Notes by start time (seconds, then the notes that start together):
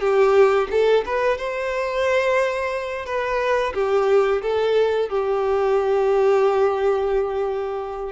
0.00 G4
0.70 A4
1.05 B4
1.37 C5
3.06 B4
3.74 G4
4.42 A4
5.09 G4